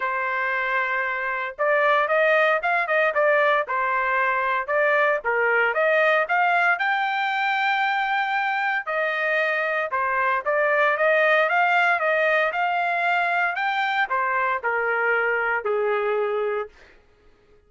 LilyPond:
\new Staff \with { instrumentName = "trumpet" } { \time 4/4 \tempo 4 = 115 c''2. d''4 | dis''4 f''8 dis''8 d''4 c''4~ | c''4 d''4 ais'4 dis''4 | f''4 g''2.~ |
g''4 dis''2 c''4 | d''4 dis''4 f''4 dis''4 | f''2 g''4 c''4 | ais'2 gis'2 | }